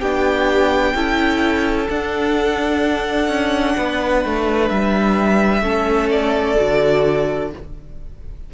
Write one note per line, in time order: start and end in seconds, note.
0.00 0.94 B3
0.00 0.96 D4
0.00 0.94 G4
0.00 1.88 G5
0.94 1.88 C#4
0.94 1.88 E4
0.94 3.76 A4
1.88 5.62 D4
1.88 3.28 D4
1.88 4.69 F#5
3.28 3.75 C#4
3.78 4.25 B3
3.78 5.62 B4
4.25 4.70 A3
4.69 5.62 G3
4.69 6.09 E5
5.62 6.55 A3
5.62 6.56 C#4
5.62 7.50 A4
6.11 7.51 D5
6.56 7.54 D3
6.56 7.50 F#4